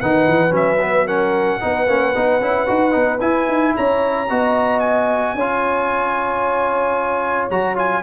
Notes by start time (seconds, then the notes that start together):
0.00 D#3 D#4 B4 F#5
0.28 E3
0.50 F#3 C#4 E5
0.81 B3
1.06 C#4 A#4 F#5
1.61 B3 D#4 B4
1.88 A#3 C#4
2.15 B3 D#4
2.41 C#4 E4
2.67 D#4 F#4
2.92 B3 D#4
3.21 E4 G#5
3.48 D#4
3.76 C#4 C#5 A#5
4.30 B3 F#4 D#5
4.80 G#5
5.35 C#4 F4 C#5
7.50 F#3 F#4 A#5
7.76 F4 G#5